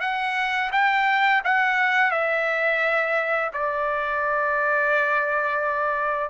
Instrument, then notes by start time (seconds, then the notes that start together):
trumpet
0.00 F#5
0.72 G5
1.44 F#5
2.11 E5
3.53 D5